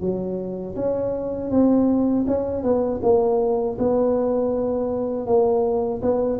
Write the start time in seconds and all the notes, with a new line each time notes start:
0.00 F#3
0.75 C#4
1.50 C4
2.27 C#4
2.62 B3
3.02 A#3
3.78 B3
5.26 A#3
6.01 B3